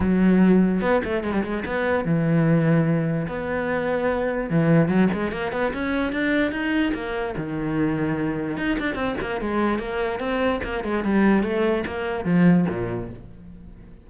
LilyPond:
\new Staff \with { instrumentName = "cello" } { \time 4/4 \tempo 4 = 147 fis2 b8 a8 gis16 g16 gis8 | b4 e2. | b2. e4 | fis8 gis8 ais8 b8 cis'4 d'4 |
dis'4 ais4 dis2~ | dis4 dis'8 d'8 c'8 ais8 gis4 | ais4 c'4 ais8 gis8 g4 | a4 ais4 f4 ais,4 | }